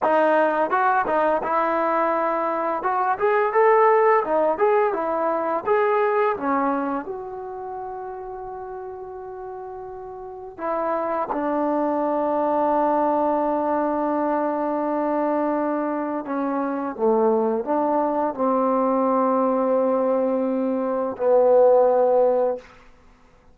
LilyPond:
\new Staff \with { instrumentName = "trombone" } { \time 4/4 \tempo 4 = 85 dis'4 fis'8 dis'8 e'2 | fis'8 gis'8 a'4 dis'8 gis'8 e'4 | gis'4 cis'4 fis'2~ | fis'2. e'4 |
d'1~ | d'2. cis'4 | a4 d'4 c'2~ | c'2 b2 | }